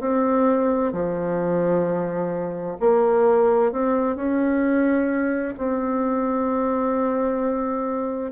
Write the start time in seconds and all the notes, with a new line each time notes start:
0.00 C4
0.93 F3
2.80 A#3
3.72 C4
4.16 C#4
5.58 C4